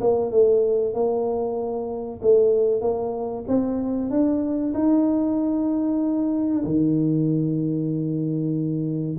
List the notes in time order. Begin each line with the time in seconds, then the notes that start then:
0.00 A#3
0.31 A3
0.94 A#3
2.22 A3
2.81 A#3
3.47 C4
4.10 D4
4.74 D#4
6.64 D#3